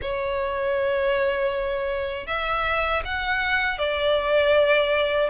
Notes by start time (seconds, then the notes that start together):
0.01 C#5
2.26 E5
3.04 F#5
3.78 D5